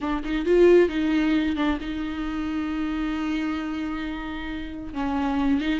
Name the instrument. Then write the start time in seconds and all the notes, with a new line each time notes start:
viola
0.01 D4
0.23 D#4
0.45 F4
0.88 D#4
1.55 D4
1.80 D#4
4.93 C#4
5.61 D#4